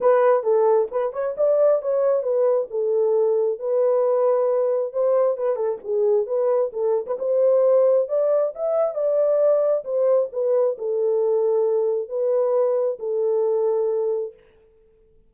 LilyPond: \new Staff \with { instrumentName = "horn" } { \time 4/4 \tempo 4 = 134 b'4 a'4 b'8 cis''8 d''4 | cis''4 b'4 a'2 | b'2. c''4 | b'8 a'8 gis'4 b'4 a'8. b'16 |
c''2 d''4 e''4 | d''2 c''4 b'4 | a'2. b'4~ | b'4 a'2. | }